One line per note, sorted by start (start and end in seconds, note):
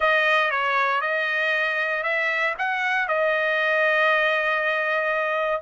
0.00 0.50 D#5
0.50 1.01 C#5
1.01 2.03 D#5
2.03 2.54 E5
2.58 3.08 F#5
3.08 5.62 D#5